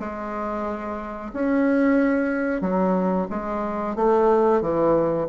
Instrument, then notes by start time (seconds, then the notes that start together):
bassoon
0.00 G#3
1.34 C#4
2.62 F#3
3.30 G#3
3.96 A3
4.62 E3